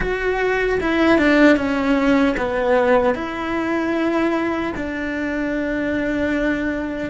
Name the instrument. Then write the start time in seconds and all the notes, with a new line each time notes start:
cello
0.00 F#4
0.80 E4
1.18 D4
1.56 C#4
2.37 B3
3.14 E4
4.75 D4